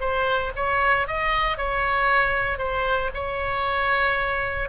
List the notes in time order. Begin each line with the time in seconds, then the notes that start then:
0.00 C5
0.56 C#5
1.07 D#5
1.57 C#5
2.58 C5
3.14 C#5